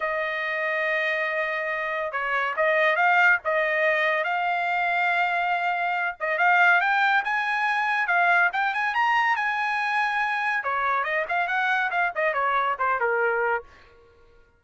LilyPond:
\new Staff \with { instrumentName = "trumpet" } { \time 4/4 \tempo 4 = 141 dis''1~ | dis''4 cis''4 dis''4 f''4 | dis''2 f''2~ | f''2~ f''8 dis''8 f''4 |
g''4 gis''2 f''4 | g''8 gis''8 ais''4 gis''2~ | gis''4 cis''4 dis''8 f''8 fis''4 | f''8 dis''8 cis''4 c''8 ais'4. | }